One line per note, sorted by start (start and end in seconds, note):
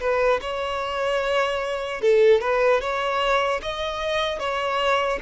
0.00 0.40 B4
0.41 2.01 C#5
2.01 2.41 A4
2.41 2.81 B4
2.81 3.61 C#5
3.62 4.39 D#5
4.39 5.19 C#5